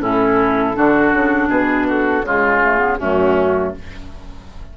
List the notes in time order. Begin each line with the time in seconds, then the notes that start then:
0.00 A2 C#4 E4 A4
0.74 D3 D4 F#4
1.13 C#3
1.48 B2 G#4 B4
1.88 F#4 A4
2.22 C#3 G#3 F4 G#4
2.63 A3
2.78 B3
2.99 F#2 A3 C#4 F#4